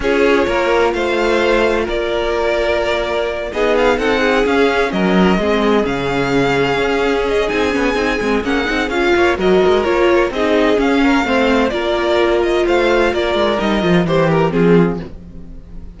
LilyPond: <<
  \new Staff \with { instrumentName = "violin" } { \time 4/4 \tempo 4 = 128 cis''2 f''2 | d''2.~ d''8 dis''8 | f''8 fis''4 f''4 dis''4.~ | dis''8 f''2. dis''8 |
gis''2 fis''4 f''4 | dis''4 cis''4 dis''4 f''4~ | f''4 d''4. dis''8 f''4 | d''4 dis''4 c''8 ais'8 gis'4 | }
  \new Staff \with { instrumentName = "violin" } { \time 4/4 gis'4 ais'4 c''2 | ais'2.~ ais'8 gis'8~ | gis'8 a'8 gis'4. ais'4 gis'8~ | gis'1~ |
gis'2.~ gis'8 cis''8 | ais'2 gis'4. ais'8 | c''4 ais'2 c''4 | ais'2 g'4 f'4 | }
  \new Staff \with { instrumentName = "viola" } { \time 4/4 f'1~ | f'2.~ f'8 dis'8~ | dis'4. cis'2 c'8~ | c'8 cis'2.~ cis'8 |
dis'8 cis'8 dis'8 c'8 cis'8 dis'8 f'4 | fis'4 f'4 dis'4 cis'4 | c'4 f'2.~ | f'4 dis'8 f'8 g'4 c'4 | }
  \new Staff \with { instrumentName = "cello" } { \time 4/4 cis'4 ais4 a2 | ais2.~ ais8 b8~ | b8 c'4 cis'4 fis4 gis8~ | gis8 cis2 cis'4. |
c'8 b8 c'8 gis8 ais8 c'8 cis'8 ais8 | fis8 gis8 ais4 c'4 cis'4 | a4 ais2 a4 | ais8 gis8 g8 f8 e4 f4 | }
>>